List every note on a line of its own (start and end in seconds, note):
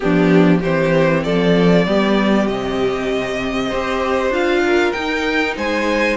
0.00 0.64 F3
0.00 0.61 B3
0.00 0.59 D4
0.00 0.60 G4
0.59 1.26 E3
0.59 1.87 C4
0.59 1.21 G4
0.59 1.23 C5
1.23 1.87 F3
1.23 1.86 A4
1.23 2.47 D5
1.87 2.47 G3
1.87 2.48 B3
1.87 3.67 G4
2.47 3.71 C3
2.47 3.72 C4
2.47 4.32 D#5
3.67 4.29 C4
3.67 4.32 G4
3.67 4.60 C5
4.29 4.91 D4
4.29 4.93 F4
4.29 4.92 F5
4.66 5.56 A#4
4.92 5.56 D#4
4.92 6.16 D#4
4.92 5.54 G5
5.56 6.16 G#3
5.56 6.16 C5
5.56 6.16 G#5